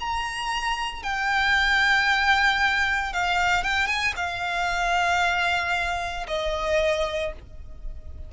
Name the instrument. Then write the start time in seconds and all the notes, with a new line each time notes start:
violin
0.00 A#5
1.03 G5
3.13 F5
3.64 G5
3.87 G#5
4.16 F5
6.27 D#5